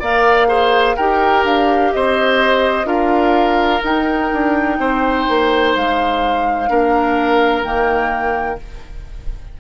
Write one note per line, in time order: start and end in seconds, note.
0.00 0.97 A#3
0.00 0.48 A#4
0.00 0.48 D5
0.00 0.97 F5
0.48 0.96 G#4
0.48 0.96 C5
0.96 1.45 D#4
0.96 2.85 G4
0.96 1.92 A#4
0.96 1.44 G5
1.45 1.92 D4
1.45 1.93 F5
1.93 2.85 C4
1.93 2.87 C5
1.93 2.87 D#5
2.85 3.80 D4
2.85 3.80 F4
2.85 4.77 A#4
2.85 3.83 F5
3.83 4.31 D#4
3.83 6.68 D#4
3.83 5.75 G5
4.33 4.79 D4
4.79 5.26 C4
4.79 6.70 C5
5.29 5.76 A#3
5.75 6.70 G#3
5.75 7.63 F5
6.68 7.63 A#3
6.68 7.63 D4
6.68 8.61 A#4
7.63 8.59 D#3
7.63 8.59 A#3
7.63 8.59 G5